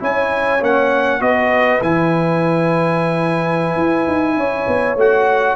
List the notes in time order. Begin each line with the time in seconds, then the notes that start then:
0.00 C#4 E4 C#5 G#5
0.60 A#3 C#4 F#5
1.20 B3 F#4 B4 D#5
1.82 E3 E4 G#5
3.77 E4
4.07 D#4
4.37 C#4 C#5
4.67 B3
4.96 A3 F#4 F#5